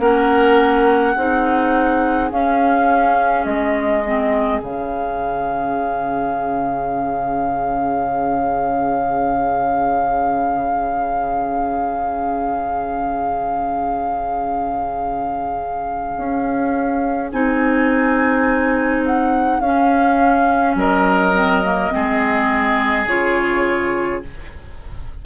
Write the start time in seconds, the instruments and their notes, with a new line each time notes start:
0.00 bassoon A#3, clarinet C#4, oboe A#4, flute F#5
1.13 bassoon C4, clarinet D#4, oboe G#4
2.31 clarinet C#4, bassoon C#4, flute F5
3.45 bassoon G#3, flute D#5
4.06 clarinet C4
4.62 bassoon C#3, clarinet C#4, flute F5
16.17 bassoon C#4
17.31 bassoon C4, clarinet D#4, flute G#5
19.06 flute F#5
19.60 bassoon C#4, clarinet C#4, flute F5
20.75 bassoon F#3, oboe A#4, flute D#5
21.34 clarinet C4
21.64 clarinet A#3
21.91 bassoon G#3, clarinet C4, oboe G#4
23.06 bassoon C#3, clarinet F4, flute C#5